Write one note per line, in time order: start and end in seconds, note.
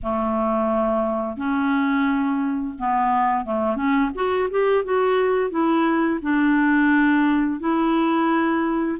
0.03 1.36 A3
1.36 2.74 C#4
2.78 3.45 B3
3.45 3.76 A3
3.76 4.10 C#4
4.14 4.49 F#4
4.50 4.84 G4
4.84 5.50 F#4
5.50 6.19 E4
6.22 7.60 D4
7.60 8.98 E4